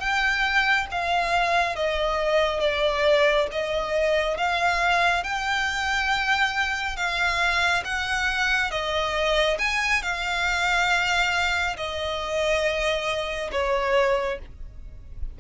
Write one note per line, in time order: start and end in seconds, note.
0.00 0.87 G5
0.91 1.75 F5
1.75 2.60 D#5
2.60 3.47 D5
3.52 4.37 D#5
4.37 5.24 F5
5.24 6.96 G5
6.96 7.83 F5
7.85 8.71 F#5
8.71 9.58 D#5
9.59 10.02 G#5
10.03 11.77 F5
11.77 13.51 D#5
13.52 14.39 C#5